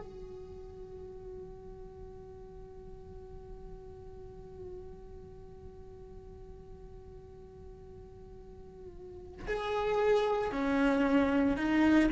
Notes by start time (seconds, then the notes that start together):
0.00 F#4
9.47 G#4
10.52 C#4
11.57 D#4